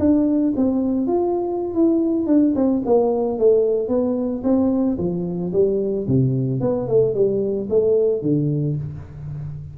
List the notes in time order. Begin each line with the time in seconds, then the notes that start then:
0.00 D4
0.57 C4
1.07 F4
1.75 E4
2.27 D4
2.56 C4
2.86 A#3
3.39 A3
3.89 B3
4.44 C4
4.99 F3
5.53 G3
6.08 C3
6.61 B3
6.88 A3
7.15 G3
7.70 A3
8.22 D3